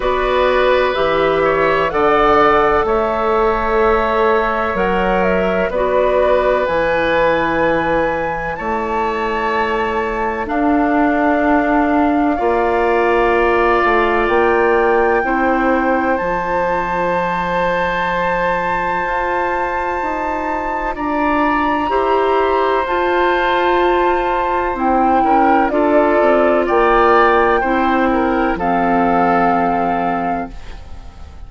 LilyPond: <<
  \new Staff \with { instrumentName = "flute" } { \time 4/4 \tempo 4 = 63 d''4 e''4 fis''4 e''4~ | e''4 fis''8 e''8 d''4 gis''4~ | gis''4 a''2 f''4~ | f''2. g''4~ |
g''4 a''2.~ | a''2 ais''2 | a''2 g''4 d''4 | g''2 f''2 | }
  \new Staff \with { instrumentName = "oboe" } { \time 4/4 b'4. cis''8 d''4 cis''4~ | cis''2 b'2~ | b'4 cis''2 a'4~ | a'4 d''2. |
c''1~ | c''2 d''4 c''4~ | c''2~ c''8 ais'8 a'4 | d''4 c''8 ais'8 a'2 | }
  \new Staff \with { instrumentName = "clarinet" } { \time 4/4 fis'4 g'4 a'2~ | a'4 ais'4 fis'4 e'4~ | e'2. d'4~ | d'4 f'2. |
e'4 f'2.~ | f'2. g'4 | f'2 e'4 f'4~ | f'4 e'4 c'2 | }
  \new Staff \with { instrumentName = "bassoon" } { \time 4/4 b4 e4 d4 a4~ | a4 fis4 b4 e4~ | e4 a2 d'4~ | d'4 ais4. a8 ais4 |
c'4 f2. | f'4 dis'4 d'4 e'4 | f'2 c'8 cis'8 d'8 c'8 | ais4 c'4 f2 | }
>>